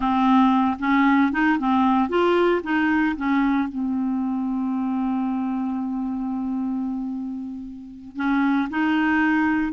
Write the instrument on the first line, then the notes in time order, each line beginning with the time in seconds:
clarinet
0.00 C4
0.79 C#4
1.32 D#4
1.58 C4
2.09 F4
2.63 D#4
3.17 C#4
3.68 C4
8.16 C#4
8.70 D#4